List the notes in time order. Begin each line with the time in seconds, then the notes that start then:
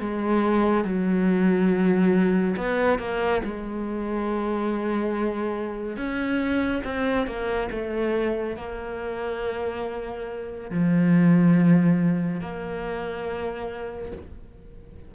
0.00 G#3
0.85 F#3
2.56 B3
2.99 A#3
3.44 G#3
5.96 C#4
6.84 C4
7.27 A#3
7.71 A3
8.56 A#3
10.70 F3
12.41 A#3